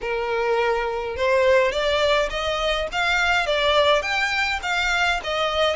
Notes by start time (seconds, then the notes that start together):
0.01 A#4
1.16 C5
1.71 D5
2.29 D#5
2.92 F5
3.46 D5
4.01 G5
4.62 F5
5.23 D#5